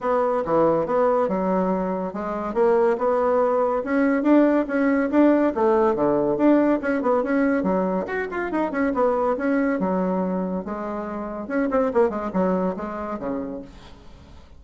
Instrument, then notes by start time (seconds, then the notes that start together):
bassoon
0.01 B3
0.45 E3
0.86 B3
1.28 F#3
2.13 G#3
2.54 A#3
2.97 B3
3.84 C#4
4.22 D4
4.67 C#4
5.10 D4
5.54 A3
5.95 D3
6.37 D4
6.81 C#4
7.02 B3
7.23 C#4
7.63 F#3
8.06 F#4
8.30 F4
8.51 D#4
8.71 C#4
8.93 B3
9.37 C#4
9.79 F#3
10.64 G#3
11.47 C#4
11.70 C4
11.93 A#3
12.09 G#3
12.33 F#3
12.76 G#3
13.19 C#3